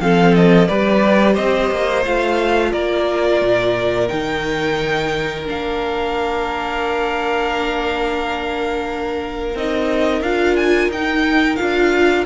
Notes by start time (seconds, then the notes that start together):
0.00 F3 C4 A4 F5
0.34 D#5
0.67 G3 G4 B4 D5
1.34 C4 C5 D#5
1.70 A#3
2.05 A3 F4 F5
2.72 A#3 A#4 D5
3.41 A#2
4.08 D#3 D#4 G5
5.46 A#3 D4 F5
9.54 C4 D#4 D#5
10.21 D4 F4 F5
10.56 G#5
10.88 D#4 G5
11.56 D4 F4 F5